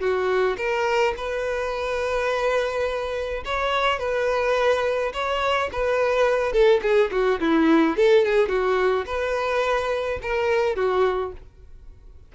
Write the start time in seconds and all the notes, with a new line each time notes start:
0.00 F#4
0.57 A#4
1.17 B4
3.45 C#5
3.99 B4
5.13 C#5
5.72 B4
6.52 A4
6.82 G#4
7.11 F#4
7.40 E4
7.97 A4
8.25 G#4
8.49 F#4
9.06 B4
10.22 A#4
10.75 F#4